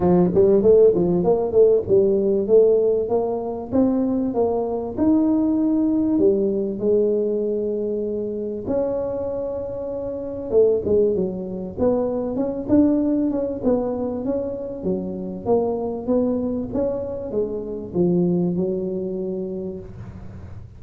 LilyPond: \new Staff \with { instrumentName = "tuba" } { \time 4/4 \tempo 4 = 97 f8 g8 a8 f8 ais8 a8 g4 | a4 ais4 c'4 ais4 | dis'2 g4 gis4~ | gis2 cis'2~ |
cis'4 a8 gis8 fis4 b4 | cis'8 d'4 cis'8 b4 cis'4 | fis4 ais4 b4 cis'4 | gis4 f4 fis2 | }